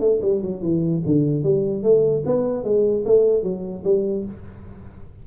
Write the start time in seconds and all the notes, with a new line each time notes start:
0.00 A3
0.22 G3
0.42 F#3
0.62 E3
1.06 D3
1.44 G3
1.83 A3
2.26 B3
2.64 G#3
3.06 A3
3.43 F#3
3.84 G3